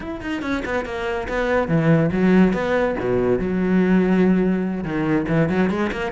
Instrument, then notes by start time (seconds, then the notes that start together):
cello
0.00 E4
0.21 D#4
0.42 C#4
0.65 B3
0.85 A#3
1.28 B3
1.68 E3
2.11 F#3
2.53 B3
2.99 B2
3.39 F#3
4.84 D#3
5.28 E3
5.49 F#3
5.69 G#3
5.92 A#3